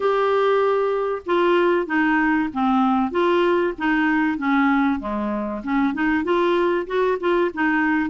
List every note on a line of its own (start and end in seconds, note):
0.00 1.22 G4
1.26 1.86 F4
1.86 2.49 D#4
2.53 3.11 C4
3.11 3.73 F4
3.78 4.38 D#4
4.38 4.99 C#4
4.99 5.62 G#3
5.63 5.93 C#4
5.93 6.24 D#4
6.24 6.86 F4
6.86 7.18 F#4
7.20 7.51 F4
7.54 8.10 D#4